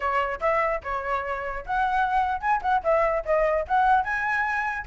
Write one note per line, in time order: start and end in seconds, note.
0.00 0.40 C#5
0.40 0.81 E5
0.83 1.64 C#5
1.65 2.40 F#5
2.40 2.61 G#5
2.62 2.82 F#5
2.83 3.24 E5
3.25 3.65 D#5
3.67 4.04 F#5
4.04 4.85 G#5